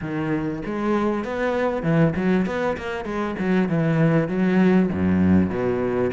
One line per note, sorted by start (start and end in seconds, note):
0.01 0.62 D#3
0.65 1.24 G#3
1.24 1.83 B3
1.83 2.13 E3
2.16 2.46 F#3
2.46 2.76 B3
2.77 3.04 A#3
3.04 3.35 G#3
3.38 3.68 F#3
3.68 4.28 E3
4.28 4.89 F#3
4.92 5.49 F#2
5.49 6.11 B2